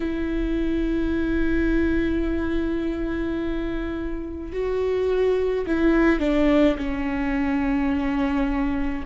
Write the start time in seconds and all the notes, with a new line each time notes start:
0.00 E4
4.52 F#4
5.66 E4
6.20 D4
6.77 C#4